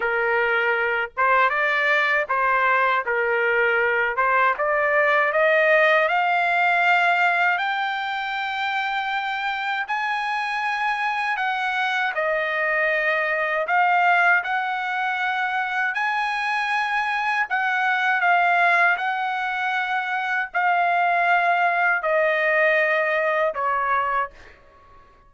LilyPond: \new Staff \with { instrumentName = "trumpet" } { \time 4/4 \tempo 4 = 79 ais'4. c''8 d''4 c''4 | ais'4. c''8 d''4 dis''4 | f''2 g''2~ | g''4 gis''2 fis''4 |
dis''2 f''4 fis''4~ | fis''4 gis''2 fis''4 | f''4 fis''2 f''4~ | f''4 dis''2 cis''4 | }